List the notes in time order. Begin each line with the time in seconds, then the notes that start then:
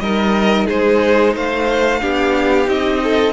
0.00 G3 D#4 A#4 D#5
0.67 G#3 G#4 C5
1.34 A3 C5 F5
2.00 B3 D4 G4
2.66 C4 D#4 D#5
3.04 A4